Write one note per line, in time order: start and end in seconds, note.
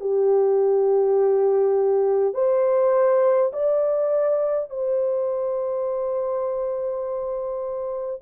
0.00 2.34 G4
2.34 3.51 C5
3.52 4.70 D5
4.70 8.21 C5